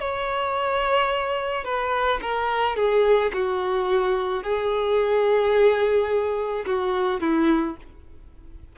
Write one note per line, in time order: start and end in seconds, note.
0.00 1.64 C#5
1.64 2.20 B4
2.21 2.76 A#4
2.76 3.31 G#4
3.33 4.43 F#4
4.43 6.65 G#4
6.66 7.20 F#4
7.20 7.76 E4